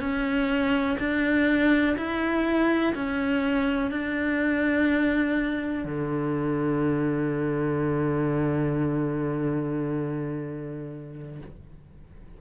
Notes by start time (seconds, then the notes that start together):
0.00 C#4
0.99 D4
1.97 E4
2.95 C#4
3.91 D4
5.85 D3